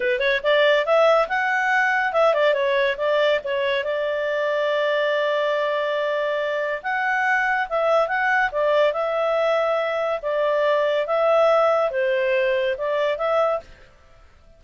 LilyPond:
\new Staff \with { instrumentName = "clarinet" } { \time 4/4 \tempo 4 = 141 b'8 cis''8 d''4 e''4 fis''4~ | fis''4 e''8 d''8 cis''4 d''4 | cis''4 d''2.~ | d''1 |
fis''2 e''4 fis''4 | d''4 e''2. | d''2 e''2 | c''2 d''4 e''4 | }